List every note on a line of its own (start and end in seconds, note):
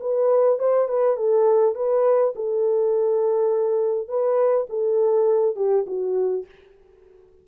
0.00 0.59 B4
0.59 0.88 C5
0.88 1.16 B4
1.16 1.75 A4
1.75 2.34 B4
2.36 4.08 A4
4.08 4.67 B4
4.69 5.56 A4
5.56 5.85 G4
5.87 6.45 F#4